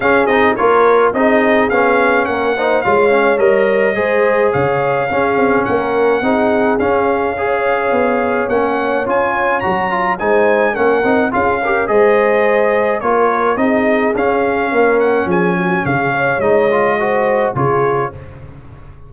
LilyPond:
<<
  \new Staff \with { instrumentName = "trumpet" } { \time 4/4 \tempo 4 = 106 f''8 dis''8 cis''4 dis''4 f''4 | fis''4 f''4 dis''2 | f''2 fis''2 | f''2. fis''4 |
gis''4 ais''4 gis''4 fis''4 | f''4 dis''2 cis''4 | dis''4 f''4. fis''8 gis''4 | f''4 dis''2 cis''4 | }
  \new Staff \with { instrumentName = "horn" } { \time 4/4 gis'4 ais'4 gis'2 | ais'8 c''8 cis''2 c''4 | cis''4 gis'4 ais'4 gis'4~ | gis'4 cis''2.~ |
cis''2 c''4 ais'4 | gis'8 ais'8 c''2 ais'4 | gis'2 ais'4 gis'8 fis'8 | gis'8 cis''4. c''4 gis'4 | }
  \new Staff \with { instrumentName = "trombone" } { \time 4/4 cis'8 dis'8 f'4 dis'4 cis'4~ | cis'8 dis'8 f'8 cis'8 ais'4 gis'4~ | gis'4 cis'2 dis'4 | cis'4 gis'2 cis'4 |
f'4 fis'8 f'8 dis'4 cis'8 dis'8 | f'8 g'8 gis'2 f'4 | dis'4 cis'2.~ | cis'4 dis'8 f'8 fis'4 f'4 | }
  \new Staff \with { instrumentName = "tuba" } { \time 4/4 cis'8 c'8 ais4 c'4 b4 | ais4 gis4 g4 gis4 | cis4 cis'8 c'8 ais4 c'4 | cis'2 b4 ais4 |
cis'4 fis4 gis4 ais8 c'8 | cis'4 gis2 ais4 | c'4 cis'4 ais4 f4 | cis4 gis2 cis4 | }
>>